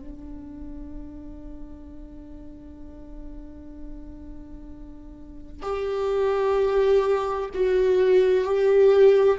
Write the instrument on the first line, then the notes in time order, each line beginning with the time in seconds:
viola
0.00 D4
5.62 G4
7.54 F#4
8.45 G4